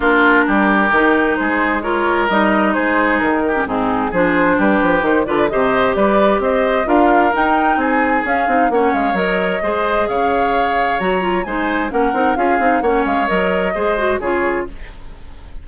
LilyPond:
<<
  \new Staff \with { instrumentName = "flute" } { \time 4/4 \tempo 4 = 131 ais'2. c''4 | cis''4 dis''4 c''4 ais'4 | gis'4 c''4 b'4 c''8 d''8 | dis''4 d''4 dis''4 f''4 |
g''4 gis''4 f''4 fis''8 f''8 | dis''2 f''2 | ais''4 gis''4 fis''4 f''4 | fis''8 f''8 dis''2 cis''4 | }
  \new Staff \with { instrumentName = "oboe" } { \time 4/4 f'4 g'2 gis'4 | ais'2 gis'4. g'8 | dis'4 gis'4 g'4. b'8 | c''4 b'4 c''4 ais'4~ |
ais'4 gis'2 cis''4~ | cis''4 c''4 cis''2~ | cis''4 c''4 ais'4 gis'4 | cis''2 c''4 gis'4 | }
  \new Staff \with { instrumentName = "clarinet" } { \time 4/4 d'2 dis'2 | f'4 dis'2~ dis'8. cis'16 | c'4 d'2 dis'8 f'8 | g'2. f'4 |
dis'2 cis'8 dis'8 cis'4 | ais'4 gis'2. | fis'8 f'8 dis'4 cis'8 dis'8 f'8 dis'8 | cis'4 ais'4 gis'8 fis'8 f'4 | }
  \new Staff \with { instrumentName = "bassoon" } { \time 4/4 ais4 g4 dis4 gis4~ | gis4 g4 gis4 dis4 | gis,4 f4 g8 f8 dis8 d8 | c4 g4 c'4 d'4 |
dis'4 c'4 cis'8 c'8 ais8 gis8 | fis4 gis4 cis2 | fis4 gis4 ais8 c'8 cis'8 c'8 | ais8 gis8 fis4 gis4 cis4 | }
>>